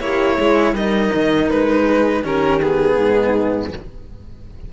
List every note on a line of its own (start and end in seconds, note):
0.00 0.37 A#3
0.00 0.74 E4
0.00 0.36 G4
0.00 0.75 C#5
0.36 0.73 G#3
0.36 0.73 G#4
0.73 1.10 G3
0.73 2.24 D#4
0.73 1.85 A#4
0.73 1.50 D#5
1.14 1.51 D#3
1.50 2.24 G#3
1.50 2.24 B4
1.85 2.22 G#4
2.22 2.96 D#3
2.22 2.61 C#4
2.22 2.96 G4
2.22 2.61 A#4
2.61 3.73 B3
2.61 3.72 G#4
2.96 3.70 G#2
2.96 3.72 D#4